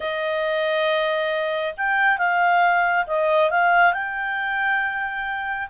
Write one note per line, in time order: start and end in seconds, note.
0.00 1.73 D#5
1.77 2.18 G5
2.18 3.05 F5
3.06 3.50 D#5
3.50 3.93 F5
3.93 5.68 G5